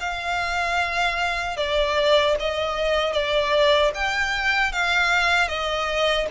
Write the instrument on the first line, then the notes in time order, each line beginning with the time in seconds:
violin
0.00 F5
1.57 D5
2.40 D#5
3.13 D5
3.94 G5
4.73 F5
5.48 D#5